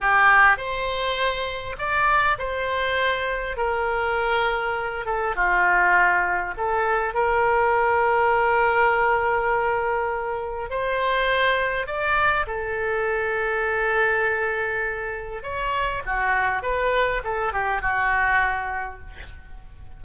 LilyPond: \new Staff \with { instrumentName = "oboe" } { \time 4/4 \tempo 4 = 101 g'4 c''2 d''4 | c''2 ais'2~ | ais'8 a'8 f'2 a'4 | ais'1~ |
ais'2 c''2 | d''4 a'2.~ | a'2 cis''4 fis'4 | b'4 a'8 g'8 fis'2 | }